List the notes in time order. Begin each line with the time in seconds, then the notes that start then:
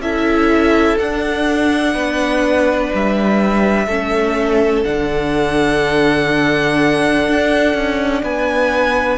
0.00 C#4 E4 A4 E5
0.99 D4 F#5
1.94 B3 B4
2.94 G3 E5
3.86 A3 C#4 A4
4.84 D3 D4 F#5
7.29 D4
7.75 C#4
8.23 B3 B4 G#5